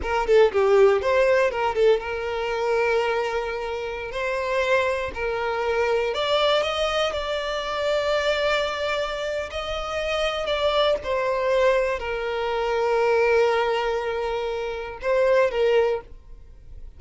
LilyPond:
\new Staff \with { instrumentName = "violin" } { \time 4/4 \tempo 4 = 120 ais'8 a'8 g'4 c''4 ais'8 a'8 | ais'1~ | ais'16 c''2 ais'4.~ ais'16~ | ais'16 d''4 dis''4 d''4.~ d''16~ |
d''2. dis''4~ | dis''4 d''4 c''2 | ais'1~ | ais'2 c''4 ais'4 | }